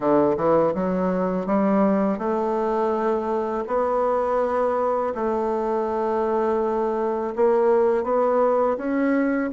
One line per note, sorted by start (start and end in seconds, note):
0.00 0.36 D3
0.36 0.73 E3
0.74 1.46 F#3
1.46 2.18 G3
2.18 3.64 A3
3.67 5.13 B3
5.14 7.34 A3
7.35 8.03 A#3
8.03 8.76 B3
8.77 9.50 C#4